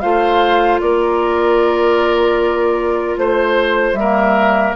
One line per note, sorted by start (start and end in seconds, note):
0.00 0.81 A3
0.00 3.97 F4
0.00 0.81 C5
0.00 0.79 F5
0.80 3.17 A#3
0.80 3.19 A#4
0.80 3.17 D5
3.17 3.93 A3
3.17 3.94 C5
3.17 3.99 C5
3.93 4.72 G3
3.93 4.73 E5
3.99 4.76 A#3
3.99 4.76 A#4